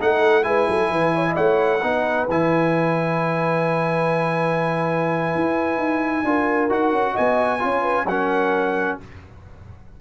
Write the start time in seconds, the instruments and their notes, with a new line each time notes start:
0.00 tuba A3, trombone D#4, horn A4, trumpet F#5
0.43 tuba G#3, trombone E4, horn B4, trumpet G#5
0.68 tuba F#3, horn A4
0.90 tuba E3, horn B4
1.15 horn C#5
1.28 horn D#5
1.35 tuba A3, horn C#5, trumpet F#5
1.82 tuba B3, trombone D#4, horn B4
2.28 tuba E3, trombone E4, trumpet G#5
5.35 tuba E4
5.77 tuba D#4
6.23 tuba D4, trombone F4, horn A#4
6.69 tuba D#4, trombone F#4, trumpet F#5
6.92 tuba C#4
7.12 horn D#5, trumpet G#5
7.18 tuba B3
7.59 tuba C#4, trombone F4, horn C#5
7.81 horn B4
8.04 tuba F#3, trombone C#4, horn A#4, trumpet F#5